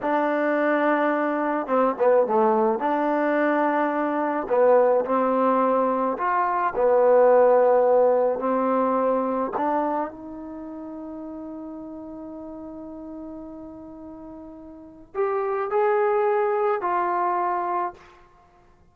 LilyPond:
\new Staff \with { instrumentName = "trombone" } { \time 4/4 \tempo 4 = 107 d'2. c'8 b8 | a4 d'2. | b4 c'2 f'4 | b2. c'4~ |
c'4 d'4 dis'2~ | dis'1~ | dis'2. g'4 | gis'2 f'2 | }